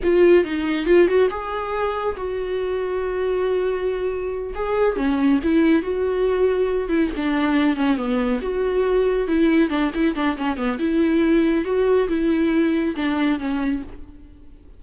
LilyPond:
\new Staff \with { instrumentName = "viola" } { \time 4/4 \tempo 4 = 139 f'4 dis'4 f'8 fis'8 gis'4~ | gis'4 fis'2.~ | fis'2~ fis'8 gis'4 cis'8~ | cis'8 e'4 fis'2~ fis'8 |
e'8 d'4. cis'8 b4 fis'8~ | fis'4. e'4 d'8 e'8 d'8 | cis'8 b8 e'2 fis'4 | e'2 d'4 cis'4 | }